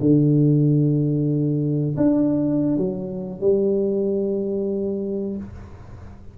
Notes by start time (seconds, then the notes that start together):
0.00 D3
1.97 D4
2.77 F#3
3.41 G3